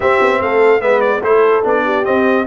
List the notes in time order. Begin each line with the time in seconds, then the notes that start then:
0.00 C4 G4 E5
0.20 B3
0.40 A3 A4 F5
0.80 G#3 B3 B4 E5
1.01 D5
1.22 A3 E4 A4 C5
1.63 B3 D4 D5
1.84 G4
2.04 C4 D#5